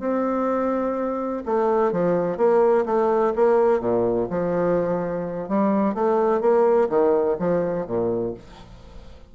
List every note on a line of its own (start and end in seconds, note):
0.00 1.43 C4
1.46 1.92 A3
1.92 2.37 F3
2.37 2.85 A#3
2.86 3.33 A3
3.36 3.80 A#3
3.80 4.28 A#2
4.30 5.49 F3
5.49 5.95 G3
5.95 6.41 A3
6.41 6.89 A#3
6.89 7.37 D#3
7.39 7.87 F3
7.87 8.34 A#2